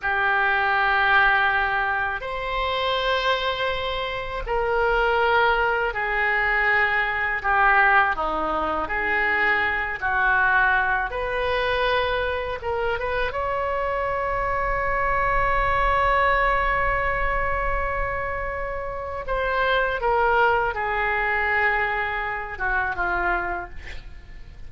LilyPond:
\new Staff \with { instrumentName = "oboe" } { \time 4/4 \tempo 4 = 81 g'2. c''4~ | c''2 ais'2 | gis'2 g'4 dis'4 | gis'4. fis'4. b'4~ |
b'4 ais'8 b'8 cis''2~ | cis''1~ | cis''2 c''4 ais'4 | gis'2~ gis'8 fis'8 f'4 | }